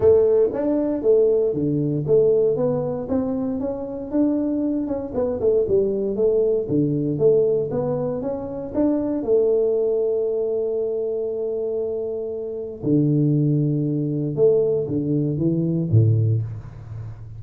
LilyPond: \new Staff \with { instrumentName = "tuba" } { \time 4/4 \tempo 4 = 117 a4 d'4 a4 d4 | a4 b4 c'4 cis'4 | d'4. cis'8 b8 a8 g4 | a4 d4 a4 b4 |
cis'4 d'4 a2~ | a1~ | a4 d2. | a4 d4 e4 a,4 | }